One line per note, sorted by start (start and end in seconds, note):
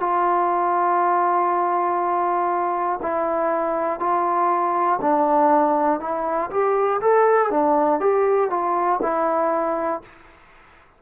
0.00 3.00 F4
3.01 3.99 E4
3.99 4.99 F4
5.00 6.00 D4
6.00 6.50 E4
6.50 7.00 G4
7.00 7.50 A4
7.50 8.00 D4
8.00 8.50 G4
8.50 9.00 F4
9.02 10.02 E4